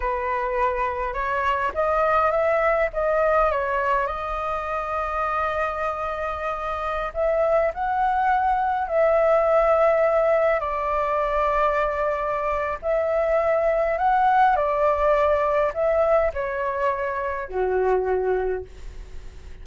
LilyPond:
\new Staff \with { instrumentName = "flute" } { \time 4/4 \tempo 4 = 103 b'2 cis''4 dis''4 | e''4 dis''4 cis''4 dis''4~ | dis''1~ | dis''16 e''4 fis''2 e''8.~ |
e''2~ e''16 d''4.~ d''16~ | d''2 e''2 | fis''4 d''2 e''4 | cis''2 fis'2 | }